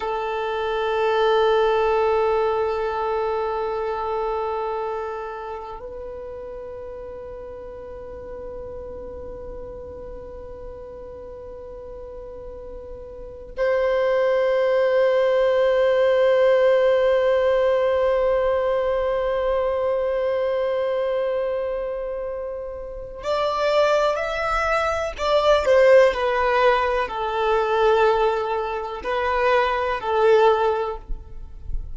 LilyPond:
\new Staff \with { instrumentName = "violin" } { \time 4/4 \tempo 4 = 62 a'1~ | a'2 b'2~ | b'1~ | b'2 c''2~ |
c''1~ | c''1 | d''4 e''4 d''8 c''8 b'4 | a'2 b'4 a'4 | }